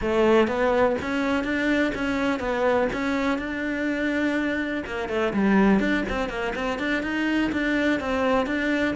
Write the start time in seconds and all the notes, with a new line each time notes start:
0.01 A3
0.47 B3
1.01 C#4
1.44 D4
1.94 C#4
2.39 B3
2.93 C#4
3.38 D4
4.86 A#3
5.08 A3
5.33 G3
5.79 D4
6.09 C4
6.29 A#3
6.55 C4
6.78 D4
7.02 D#4
7.52 D4
8.00 C4
8.46 D4